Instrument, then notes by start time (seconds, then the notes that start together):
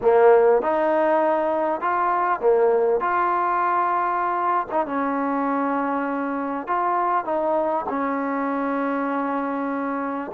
trombone
0.01 A#3
0.62 D#4
1.80 F4
2.40 A#3
3.00 F4
4.71 D#4
4.86 C#4
6.67 F4
7.25 D#4
7.89 C#4